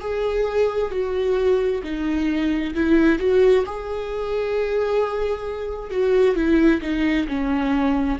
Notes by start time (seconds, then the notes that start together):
0.00 G#4
0.91 F#4
1.83 D#4
2.74 E4
3.19 F#4
3.65 G#4
5.90 F#4
6.35 E4
6.81 D#4
7.28 C#4